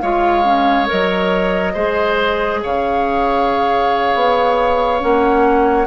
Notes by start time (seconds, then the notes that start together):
0.00 G#3 F4 C#5 F5
0.44 C#4
0.86 F#3 A#4 D#5
1.73 G#3 G#4 C5
2.62 C#3 C#5 F5
4.14 B3
5.00 A#3 C#4 F#5